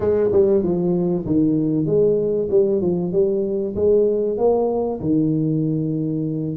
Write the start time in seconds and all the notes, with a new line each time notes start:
0.00 G#3
0.32 G3
0.63 F3
1.26 D#3
1.86 G#3
2.50 G3
2.81 F3
3.12 G3
3.75 G#3
4.37 A#3
5.00 D#3